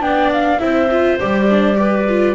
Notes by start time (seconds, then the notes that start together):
0.00 B3 D4 D5 G5
0.33 F5
0.59 C4 E4 C5 E5
0.91 F4
1.20 G3 G4 D5
1.50 D4
1.76 G4 B4
2.09 F4